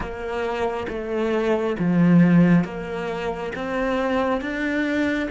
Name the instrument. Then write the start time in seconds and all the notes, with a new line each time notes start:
cello
0.00 A#3
0.88 A3
1.79 F3
2.64 A#3
3.55 C4
4.41 D4